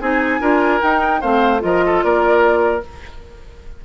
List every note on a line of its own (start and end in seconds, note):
0.00 0.40 C4
0.00 0.40 D#4
0.00 0.40 G#4
0.00 0.82 G#5
0.40 0.81 D4
0.40 0.81 F4
0.40 1.20 A#4
0.81 1.20 D#4
0.81 1.23 D#4
0.81 1.21 G5
1.20 1.63 A3
1.20 1.59 C4
1.20 1.61 C5
1.20 1.62 F5
1.59 2.03 F3
1.59 2.80 F4
1.59 1.84 A#4
1.59 2.03 D#5
1.86 2.04 A4
2.03 2.84 A#3
2.03 2.85 A#4
2.03 2.83 D5